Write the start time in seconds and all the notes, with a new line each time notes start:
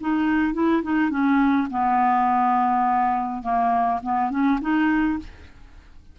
0.00 D#4
0.53 E4
0.82 D#4
1.10 C#4
1.70 B3
3.42 A#3
4.03 B3
4.30 C#4
4.61 D#4